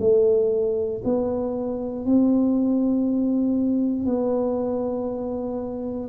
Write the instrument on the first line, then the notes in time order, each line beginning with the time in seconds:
tuba
0.00 A3
1.04 B3
2.05 C4
4.05 B3